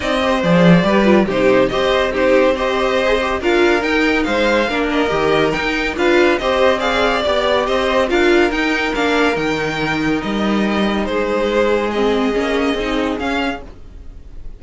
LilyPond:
<<
  \new Staff \with { instrumentName = "violin" } { \time 4/4 \tempo 4 = 141 dis''4 d''2 c''4 | dis''4 c''4 dis''2 | f''4 g''4 f''4. dis''8~ | dis''4 g''4 f''4 dis''4 |
f''4 d''4 dis''4 f''4 | g''4 f''4 g''2 | dis''2 c''2 | dis''2. f''4 | }
  \new Staff \with { instrumentName = "violin" } { \time 4/4 d''8 c''4. b'4 g'4 | c''4 g'4 c''2 | ais'2 c''4 ais'4~ | ais'2 b'4 c''4 |
d''2 c''4 ais'4~ | ais'1~ | ais'2 gis'2~ | gis'1 | }
  \new Staff \with { instrumentName = "viola" } { \time 4/4 dis'8 g'8 gis'4 g'8 f'8 dis'4 | g'4 dis'4 g'4~ g'16 gis'16 g'8 | f'4 dis'2 d'4 | g'4 dis'4 f'4 g'4 |
gis'4 g'2 f'4 | dis'4 d'4 dis'2~ | dis'1 | c'4 cis'4 dis'4 cis'4 | }
  \new Staff \with { instrumentName = "cello" } { \time 4/4 c'4 f4 g4 c4 | c'1 | d'4 dis'4 gis4 ais4 | dis4 dis'4 d'4 c'4~ |
c'4 b4 c'4 d'4 | dis'4 ais4 dis2 | g2 gis2~ | gis4 ais4 c'4 cis'4 | }
>>